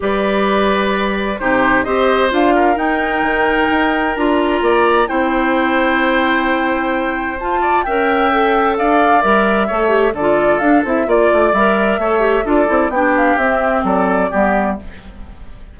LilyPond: <<
  \new Staff \with { instrumentName = "flute" } { \time 4/4 \tempo 4 = 130 d''2. c''4 | dis''4 f''4 g''2~ | g''4 ais''2 g''4~ | g''1 |
a''4 g''2 f''4 | e''2 d''4 f''8 e''8 | d''4 e''2 d''4 | g''8 f''8 e''4 d''2 | }
  \new Staff \with { instrumentName = "oboe" } { \time 4/4 b'2. g'4 | c''4. ais'2~ ais'8~ | ais'2 d''4 c''4~ | c''1~ |
c''8 d''8 e''2 d''4~ | d''4 cis''4 a'2 | d''2 cis''4 a'4 | g'2 a'4 g'4 | }
  \new Staff \with { instrumentName = "clarinet" } { \time 4/4 g'2. dis'4 | g'4 f'4 dis'2~ | dis'4 f'2 e'4~ | e'1 |
f'4 ais'4 a'2 | ais'4 a'8 g'8 f'4 d'8 e'8 | f'4 ais'4 a'8 g'8 f'8 e'8 | d'4 c'2 b4 | }
  \new Staff \with { instrumentName = "bassoon" } { \time 4/4 g2. c4 | c'4 d'4 dis'4 dis4 | dis'4 d'4 ais4 c'4~ | c'1 |
f'4 cis'2 d'4 | g4 a4 d4 d'8 c'8 | ais8 a8 g4 a4 d'8 c'8 | b4 c'4 fis4 g4 | }
>>